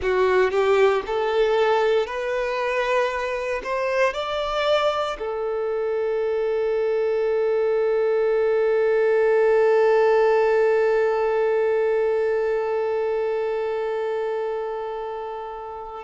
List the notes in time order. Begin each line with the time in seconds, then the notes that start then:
0.02 F#4
0.50 G4
1.06 A4
2.06 B4
3.63 C5
4.13 D5
5.18 A4